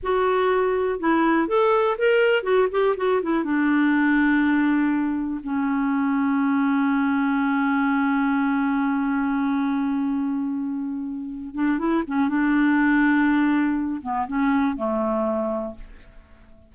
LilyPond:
\new Staff \with { instrumentName = "clarinet" } { \time 4/4 \tempo 4 = 122 fis'2 e'4 a'4 | ais'4 fis'8 g'8 fis'8 e'8 d'4~ | d'2. cis'4~ | cis'1~ |
cis'1~ | cis'2.~ cis'8 d'8 | e'8 cis'8 d'2.~ | d'8 b8 cis'4 a2 | }